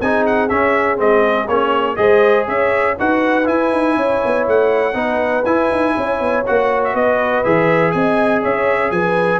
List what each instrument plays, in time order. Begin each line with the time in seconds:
0.00 tuba C4, trombone D#4, horn G#4, trumpet G#5
0.26 trumpet F#5
0.49 trombone C#4, tuba C#4, trumpet E5
0.96 tuba G#3, trombone C4, trumpet D#5
1.48 tuba A#3, trombone C#4, trumpet C#5
1.95 tuba G#3, trombone G#4, horn C5, trumpet D#5
2.46 tuba C#4, horn C#5, trumpet E5
2.98 tuba D#4, trombone F#4, horn B4, trumpet F#5
3.44 trombone E4, tuba E4, trumpet G#5
3.71 tuba D#4
3.96 tuba C#4, horn C#5
4.25 tuba B3
4.47 tuba A3, trumpet F#5
4.93 tuba B3, trombone D#4, horn B4
5.44 tuba E4, trombone E4, trumpet G#5
5.71 tuba D#4
5.96 tuba C#4, horn C#5
6.19 tuba B3
6.46 tuba A#3, trombone F#4, trumpet F#5
6.83 trumpet E5
6.93 tuba B3, horn B4, trumpet D#5
7.43 tuba E3, trombone G#4, trumpet E5
7.91 tuba C4, horn D#5, trumpet G#5
8.42 tuba C#4, horn C#5, trumpet E5
8.90 tuba F3, horn B4, trumpet G#5